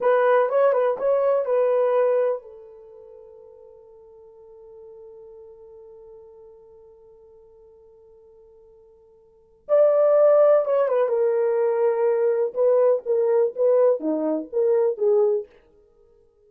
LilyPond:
\new Staff \with { instrumentName = "horn" } { \time 4/4 \tempo 4 = 124 b'4 cis''8 b'8 cis''4 b'4~ | b'4 a'2.~ | a'1~ | a'1~ |
a'1 | d''2 cis''8 b'8 ais'4~ | ais'2 b'4 ais'4 | b'4 dis'4 ais'4 gis'4 | }